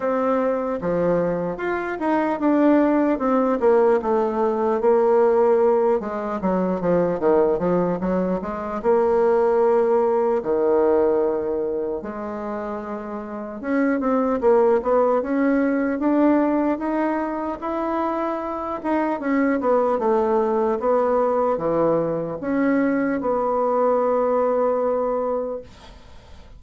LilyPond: \new Staff \with { instrumentName = "bassoon" } { \time 4/4 \tempo 4 = 75 c'4 f4 f'8 dis'8 d'4 | c'8 ais8 a4 ais4. gis8 | fis8 f8 dis8 f8 fis8 gis8 ais4~ | ais4 dis2 gis4~ |
gis4 cis'8 c'8 ais8 b8 cis'4 | d'4 dis'4 e'4. dis'8 | cis'8 b8 a4 b4 e4 | cis'4 b2. | }